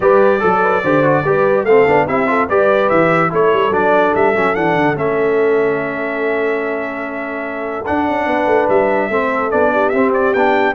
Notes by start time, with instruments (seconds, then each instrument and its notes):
0.00 tuba G3, trombone G4, horn B4, trumpet D5
0.40 tuba F#3, trombone A4, horn A4
0.62 horn B4
0.83 tuba D3, trombone G4, horn C5
1.03 trombone F#4
1.24 tuba G3, trombone G4, horn B4
1.64 tuba A3, trombone C4, horn A4, trumpet F5
1.87 tuba B3, trombone D4
2.07 tuba C4, trombone E4, horn G4, trumpet E5
2.27 trombone F4, horn A4
2.48 tuba G3, trombone G4, horn B4, trumpet D5
2.89 tuba E3, trumpet E5
3.29 tuba A3, trombone E4, horn A4, trumpet C#5
3.53 tuba G3
3.70 tuba F#3, trombone D4, trumpet D5
4.14 tuba G3, trumpet E5
4.34 tuba F#3, trombone C#4
4.54 tuba E3, trombone D4, trumpet F#5
4.75 tuba D3
4.95 tuba A3, trombone C#4, trumpet E5
7.85 trombone D4, tuba D4, trumpet F#5
8.08 tuba C#4
8.26 tuba B3, horn B4
8.46 tuba A3
8.69 tuba G3, trumpet E5
9.09 tuba A3, trombone C4, horn A4
9.50 tuba B3, trombone D4, trumpet D5
9.71 horn G4
9.89 tuba C4, trombone C4, trumpet E5
10.13 trumpet D5
10.33 tuba B3, trombone D4, trumpet G5